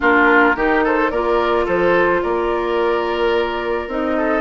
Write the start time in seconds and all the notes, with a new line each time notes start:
0.00 A#3 D4 F4 A#4
0.56 D#3 D#4 G4
0.84 A4 C5
1.10 A#3 F4 A#4 D5
1.65 F3 A4 C5
2.22 A#3 A#4 D5
3.87 C4 D#4 D#5
4.17 A4